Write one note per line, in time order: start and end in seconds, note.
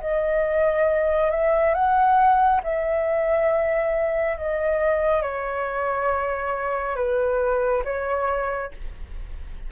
0.00 1.30 D#5
1.31 1.74 E5
1.74 2.61 F#5
2.63 4.37 E5
4.38 5.22 D#5
5.22 6.96 C#5
6.96 7.83 B4
7.84 8.71 C#5